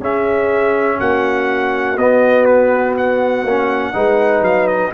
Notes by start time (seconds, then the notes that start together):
0.00 C#4 G#4 E5
0.98 A#3 F#4 F#5
1.97 B3 D#5
2.45 B4
2.98 F#5
3.44 A#3 C#4
3.93 G#3 D#4 B4
4.41 F#3 F5
4.68 D#5